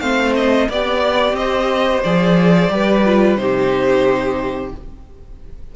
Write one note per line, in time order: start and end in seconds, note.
0.00 0.69 A3
0.00 0.69 C4
0.00 0.69 C5
0.00 0.34 F5
0.35 0.69 D#5
0.69 1.34 B3
0.69 2.05 G4
0.69 1.36 D5
1.34 2.01 C4
1.34 2.74 C5
1.34 2.03 D#5
2.03 2.70 F3
2.03 2.69 G#4
2.03 3.37 D5
2.69 3.37 G3
2.69 3.03 G4
2.69 3.41 B4
3.06 3.38 F4
3.37 4.72 C3
3.37 4.73 D#4
3.37 4.76 G4
3.37 4.71 C5